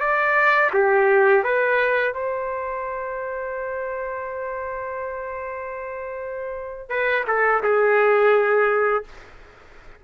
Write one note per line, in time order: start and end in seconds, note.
0.00 0.71 D5
0.73 1.44 G4
1.44 2.13 B4
2.13 6.90 C5
6.90 7.25 B4
7.27 7.63 A4
7.63 9.04 G#4